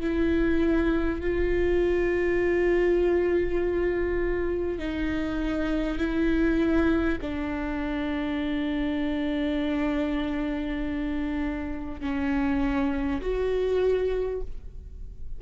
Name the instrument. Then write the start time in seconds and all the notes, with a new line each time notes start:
viola
0.00 E4
1.20 F4
4.78 D#4
5.97 E4
7.21 D4
12.00 C#4
13.21 F#4